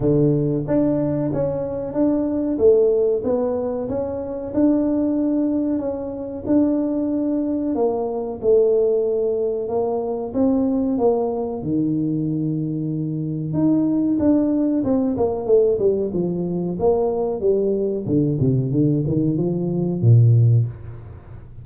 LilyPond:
\new Staff \with { instrumentName = "tuba" } { \time 4/4 \tempo 4 = 93 d4 d'4 cis'4 d'4 | a4 b4 cis'4 d'4~ | d'4 cis'4 d'2 | ais4 a2 ais4 |
c'4 ais4 dis2~ | dis4 dis'4 d'4 c'8 ais8 | a8 g8 f4 ais4 g4 | d8 c8 d8 dis8 f4 ais,4 | }